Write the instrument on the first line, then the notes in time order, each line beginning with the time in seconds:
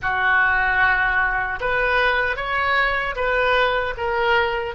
oboe
0.01 F#4
1.60 B4
2.36 C#5
3.15 B4
3.97 A#4